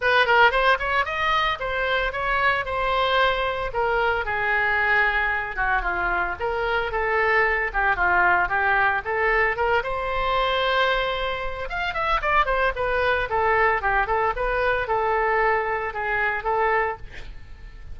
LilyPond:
\new Staff \with { instrumentName = "oboe" } { \time 4/4 \tempo 4 = 113 b'8 ais'8 c''8 cis''8 dis''4 c''4 | cis''4 c''2 ais'4 | gis'2~ gis'8 fis'8 f'4 | ais'4 a'4. g'8 f'4 |
g'4 a'4 ais'8 c''4.~ | c''2 f''8 e''8 d''8 c''8 | b'4 a'4 g'8 a'8 b'4 | a'2 gis'4 a'4 | }